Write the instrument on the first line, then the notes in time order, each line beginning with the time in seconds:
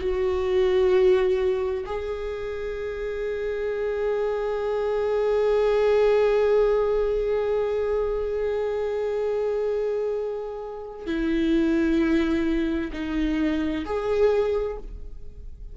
viola
0.00 F#4
1.85 G#4
11.06 E4
12.92 D#4
13.85 G#4